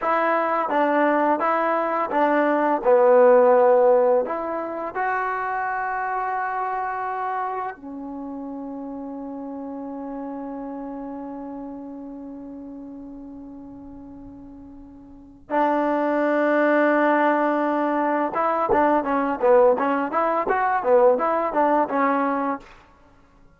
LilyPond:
\new Staff \with { instrumentName = "trombone" } { \time 4/4 \tempo 4 = 85 e'4 d'4 e'4 d'4 | b2 e'4 fis'4~ | fis'2. cis'4~ | cis'1~ |
cis'1~ | cis'2 d'2~ | d'2 e'8 d'8 cis'8 b8 | cis'8 e'8 fis'8 b8 e'8 d'8 cis'4 | }